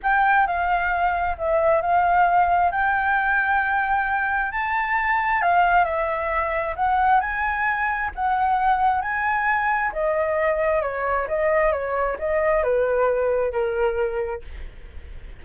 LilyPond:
\new Staff \with { instrumentName = "flute" } { \time 4/4 \tempo 4 = 133 g''4 f''2 e''4 | f''2 g''2~ | g''2 a''2 | f''4 e''2 fis''4 |
gis''2 fis''2 | gis''2 dis''2 | cis''4 dis''4 cis''4 dis''4 | b'2 ais'2 | }